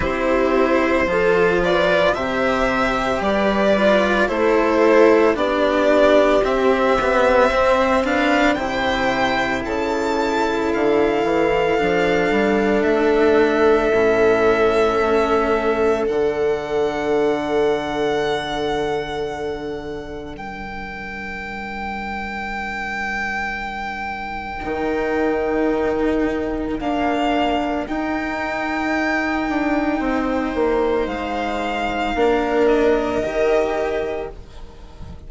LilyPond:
<<
  \new Staff \with { instrumentName = "violin" } { \time 4/4 \tempo 4 = 56 c''4. d''8 e''4 d''4 | c''4 d''4 e''4. f''8 | g''4 a''4 f''2 | e''2. fis''4~ |
fis''2. g''4~ | g''1~ | g''4 f''4 g''2~ | g''4 f''4. dis''4. | }
  \new Staff \with { instrumentName = "viola" } { \time 4/4 g'4 a'8 b'8 c''4 b'4 | a'4 g'2 c''8 b'8 | c''4 a'2.~ | a'1~ |
a'2. ais'4~ | ais'1~ | ais'1 | c''2 ais'2 | }
  \new Staff \with { instrumentName = "cello" } { \time 4/4 e'4 f'4 g'4. f'8 | e'4 d'4 c'8 b8 c'8 d'8 | e'2. d'4~ | d'4 cis'2 d'4~ |
d'1~ | d'2. dis'4~ | dis'4 ais4 dis'2~ | dis'2 d'4 g'4 | }
  \new Staff \with { instrumentName = "bassoon" } { \time 4/4 c'4 f4 c4 g4 | a4 b4 c'2 | c4 cis4 d8 e8 f8 g8 | a4 a,4 a4 d4~ |
d2. g4~ | g2. dis4~ | dis4 d'4 dis'4. d'8 | c'8 ais8 gis4 ais4 dis4 | }
>>